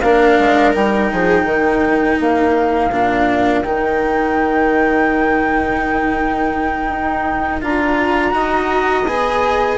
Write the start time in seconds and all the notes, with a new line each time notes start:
0.00 A#3 D4 A#4 F5
0.38 G#3
0.73 G3 D#4 G5
1.12 F3 G#4
1.44 D#3 A#4
2.20 A#3 F5
2.91 A#2 D4
3.62 D#3 D#4 G5
6.88 D#4
7.61 D4 F4 A#5
8.31 D#4 F#4 D#5
9.06 B3 G#4 G#5